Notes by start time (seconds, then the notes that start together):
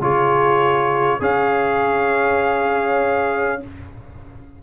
0.00 C#3 F4 G#4 C#5
1.19 C#4 G#4 C#5 F5